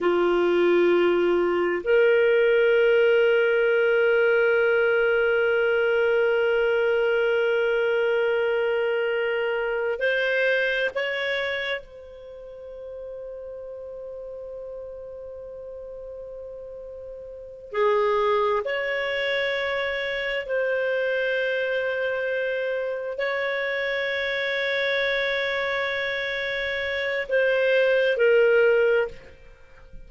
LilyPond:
\new Staff \with { instrumentName = "clarinet" } { \time 4/4 \tempo 4 = 66 f'2 ais'2~ | ais'1~ | ais'2. c''4 | cis''4 c''2.~ |
c''2.~ c''8 gis'8~ | gis'8 cis''2 c''4.~ | c''4. cis''2~ cis''8~ | cis''2 c''4 ais'4 | }